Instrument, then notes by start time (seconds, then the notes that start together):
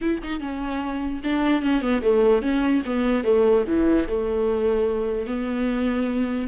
viola
0.01 E4
0.23 D#4
0.39 C#4
1.23 D4
1.62 C#4
1.81 B3
2.02 A3
2.42 C#4
2.85 B3
3.24 A3
3.67 E3
4.08 A3
5.26 B3